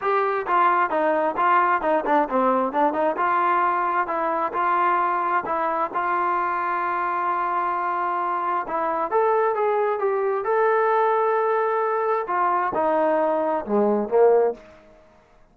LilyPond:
\new Staff \with { instrumentName = "trombone" } { \time 4/4 \tempo 4 = 132 g'4 f'4 dis'4 f'4 | dis'8 d'8 c'4 d'8 dis'8 f'4~ | f'4 e'4 f'2 | e'4 f'2.~ |
f'2. e'4 | a'4 gis'4 g'4 a'4~ | a'2. f'4 | dis'2 gis4 ais4 | }